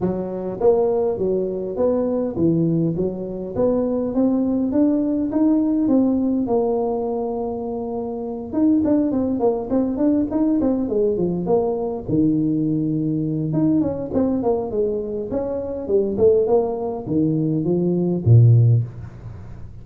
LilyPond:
\new Staff \with { instrumentName = "tuba" } { \time 4/4 \tempo 4 = 102 fis4 ais4 fis4 b4 | e4 fis4 b4 c'4 | d'4 dis'4 c'4 ais4~ | ais2~ ais8 dis'8 d'8 c'8 |
ais8 c'8 d'8 dis'8 c'8 gis8 f8 ais8~ | ais8 dis2~ dis8 dis'8 cis'8 | c'8 ais8 gis4 cis'4 g8 a8 | ais4 dis4 f4 ais,4 | }